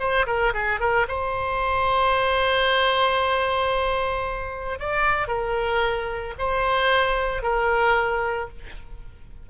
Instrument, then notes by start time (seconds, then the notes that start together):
oboe
0.00 C5
0.27 A#4
0.54 G#4
0.81 A#4
1.08 C5
4.80 D5
5.28 A#4
6.39 C5
7.43 A#4